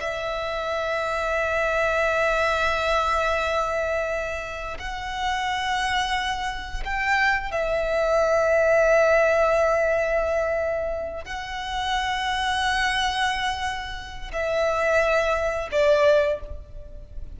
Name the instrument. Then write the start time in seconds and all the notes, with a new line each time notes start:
violin
0.00 E5
4.79 F#5
6.84 G5
7.51 E5
11.24 F#5
14.32 E5
15.71 D5